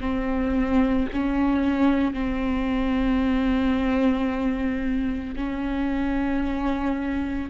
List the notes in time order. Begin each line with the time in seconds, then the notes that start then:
0.00 C4
1.12 C#4
2.13 C4
5.36 C#4